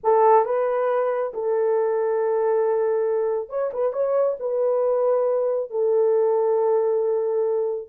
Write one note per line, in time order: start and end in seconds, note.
0.03 0.45 A4
0.45 1.33 B4
1.33 3.49 A4
3.49 3.70 C#5
3.73 3.92 B4
3.92 4.36 C#5
4.39 5.70 B4
5.70 7.88 A4